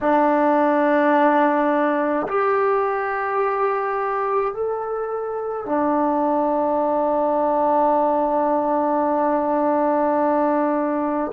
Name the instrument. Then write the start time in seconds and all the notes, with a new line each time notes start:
trombone
0.00 D4
2.27 G4
4.53 A4
5.66 D4